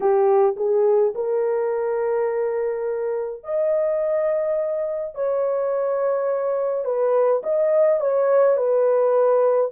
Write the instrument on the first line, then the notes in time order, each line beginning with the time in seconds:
horn
0.00 G4
0.56 G#4
1.15 A#4
3.43 D#5
5.15 C#5
6.84 B4
7.43 D#5
8.00 C#5
8.56 B4